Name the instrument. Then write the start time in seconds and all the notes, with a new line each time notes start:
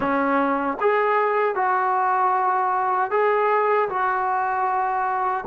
trombone
0.00 C#4
0.80 G#4
1.55 F#4
3.10 G#4
3.89 F#4